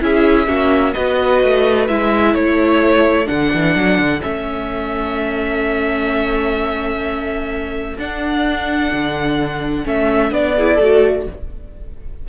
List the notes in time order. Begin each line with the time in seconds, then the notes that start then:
0.00 C#4 E4 G#4 E5
0.46 A#3 C#4 F#4
0.92 B3 F#4 B4 D#5
1.43 A3
1.87 G#3 E4 E5
2.33 A3 A4 C#5
3.26 D3 D4 F#5
3.53 E3
3.75 F#3
3.97 D3
4.21 A3 C#4 E5
7.97 D4 F#5
8.92 D3
9.84 A3 C#4 E5
10.31 B3 D4 D5
10.56 E4 G#4
10.75 A3 A4
10.81 F#4